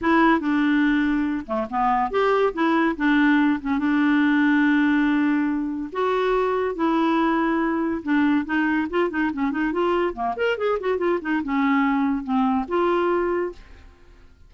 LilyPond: \new Staff \with { instrumentName = "clarinet" } { \time 4/4 \tempo 4 = 142 e'4 d'2~ d'8 a8 | b4 g'4 e'4 d'4~ | d'8 cis'8 d'2.~ | d'2 fis'2 |
e'2. d'4 | dis'4 f'8 dis'8 cis'8 dis'8 f'4 | ais8 ais'8 gis'8 fis'8 f'8 dis'8 cis'4~ | cis'4 c'4 f'2 | }